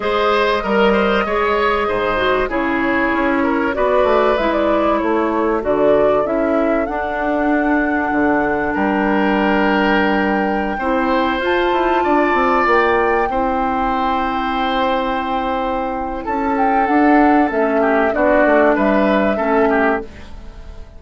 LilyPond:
<<
  \new Staff \with { instrumentName = "flute" } { \time 4/4 \tempo 4 = 96 dis''1 | cis''2 d''4 e''16 d''8. | cis''4 d''4 e''4 fis''4~ | fis''2 g''2~ |
g''2~ g''16 a''4.~ a''16~ | a''16 g''2.~ g''8.~ | g''2 a''8 g''8 fis''4 | e''4 d''4 e''2 | }
  \new Staff \with { instrumentName = "oboe" } { \time 4/4 c''4 ais'8 c''8 cis''4 c''4 | gis'4. ais'8 b'2 | a'1~ | a'2 ais'2~ |
ais'4~ ais'16 c''2 d''8.~ | d''4~ d''16 c''2~ c''8.~ | c''2 a'2~ | a'8 g'8 fis'4 b'4 a'8 g'8 | }
  \new Staff \with { instrumentName = "clarinet" } { \time 4/4 gis'4 ais'4 gis'4. fis'8 | e'2 fis'4 e'4~ | e'4 fis'4 e'4 d'4~ | d'1~ |
d'4~ d'16 e'4 f'4.~ f'16~ | f'4~ f'16 e'2~ e'8.~ | e'2. d'4 | cis'4 d'2 cis'4 | }
  \new Staff \with { instrumentName = "bassoon" } { \time 4/4 gis4 g4 gis4 gis,4 | cis4 cis'4 b8 a8 gis4 | a4 d4 cis'4 d'4~ | d'4 d4 g2~ |
g4~ g16 c'4 f'8 e'8 d'8 c'16~ | c'16 ais4 c'2~ c'8.~ | c'2 cis'4 d'4 | a4 b8 a8 g4 a4 | }
>>